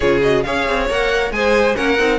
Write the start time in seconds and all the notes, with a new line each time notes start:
0.00 C#3 F4 G#4 C#5
0.22 F#4 D#5
0.43 C#4 G#4 C#5 F5
0.68 C4
0.89 A#3 A#4 F#5
1.30 G#3 G#4 C5 G#5
1.74 A#3 C#4 A#4 F#5
1.98 C4 D#4